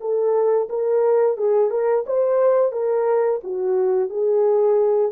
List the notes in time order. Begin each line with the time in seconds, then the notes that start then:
0.00 A4
0.69 A#4
1.37 G#4
1.70 A#4
2.06 C5
2.72 A#4
3.43 F#4
4.09 G#4